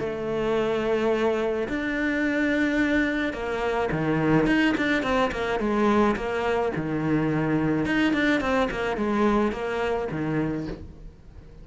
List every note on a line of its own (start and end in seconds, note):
0.00 1.68 A3
1.69 3.33 D4
3.33 3.89 A#3
3.92 4.47 D#3
4.47 4.75 D#4
4.77 5.03 D4
5.03 5.31 C4
5.32 5.60 A#3
5.60 6.16 G#3
6.16 6.72 A#3
6.76 7.86 D#3
7.86 8.14 D#4
8.14 8.41 D4
8.41 8.69 C4
8.71 8.97 A#3
8.97 9.53 G#3
9.53 10.09 A#3
10.11 10.67 D#3